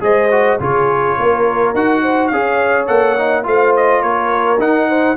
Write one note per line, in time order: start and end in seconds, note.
0.00 0.58 G#3
0.00 0.29 G#4
0.00 0.60 C5
0.00 0.60 D#5
0.31 0.59 F#4
0.60 1.17 C#3
0.60 1.74 F4
0.60 1.17 G#4
0.60 1.75 C#5
1.17 1.74 A#3
1.17 2.02 A#4
1.74 2.31 D#4
1.74 2.32 F#4
1.74 2.27 F#5
2.02 2.31 C5
2.27 2.88 C#4
2.27 2.87 G#4
2.27 3.46 C#5
2.27 2.84 F5
2.87 3.46 A#3
2.87 3.15 A4
2.87 3.44 F#5
3.18 3.43 D#4
3.43 4.02 A3
3.43 4.57 F4
3.43 4.03 C5
3.43 3.75 F5
3.76 4.02 D#5
4.02 4.58 A#3
4.02 4.88 A#4
4.02 4.59 C#5
4.58 5.15 D#4
4.58 5.16 D#4
4.58 5.17 F#5
4.88 5.17 C5